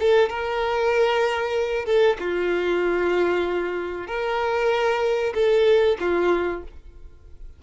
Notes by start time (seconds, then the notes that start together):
0.00 A4
0.30 A#4
1.85 A4
2.19 F4
4.07 A#4
5.34 A4
6.00 F4